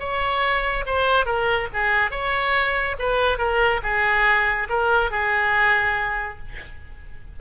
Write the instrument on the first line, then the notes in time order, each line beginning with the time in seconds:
oboe
0.00 C#5
0.86 C5
1.26 A#4
1.74 G#4
2.11 C#5
2.99 B4
3.38 A#4
3.83 G#4
4.70 A#4
5.11 G#4